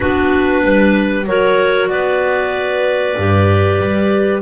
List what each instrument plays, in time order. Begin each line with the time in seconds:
0.00 double bass B3, clarinet D4 F#4 B4
0.63 double bass G3, clarinet B4
1.26 double bass F#3, clarinet F#4 A#4 C#5
1.88 double bass B3, clarinet B4 D5
3.16 double bass G2, clarinet G4
3.79 double bass G3